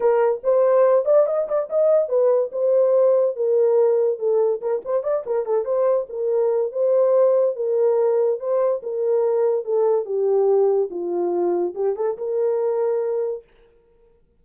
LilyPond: \new Staff \with { instrumentName = "horn" } { \time 4/4 \tempo 4 = 143 ais'4 c''4. d''8 dis''8 d''8 | dis''4 b'4 c''2 | ais'2 a'4 ais'8 c''8 | d''8 ais'8 a'8 c''4 ais'4. |
c''2 ais'2 | c''4 ais'2 a'4 | g'2 f'2 | g'8 a'8 ais'2. | }